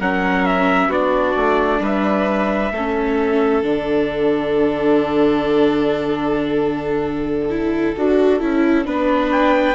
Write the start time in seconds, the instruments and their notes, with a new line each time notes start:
0.00 bassoon F#3, viola C#4, violin A#4, trumpet F#5
0.46 trumpet E5
0.88 bassoon B3, viola D4, violin F#4, trumpet D5
1.37 bassoon A3
1.80 bassoon G3, violin B4, trumpet E5
2.72 bassoon A3, viola C#4, violin A4
3.62 bassoon D3, viola D4, trumpet F#5
7.50 viola E4
7.97 bassoon D4, viola F#4
8.40 bassoon C#4, viola E4
8.85 bassoon B3, viola D4, violin B4
9.32 trumpet G5